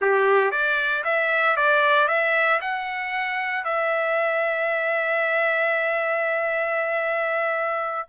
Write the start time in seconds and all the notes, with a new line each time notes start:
0.01 G4
0.51 D5
1.04 E5
1.56 D5
2.08 E5
2.61 F#5
3.64 E5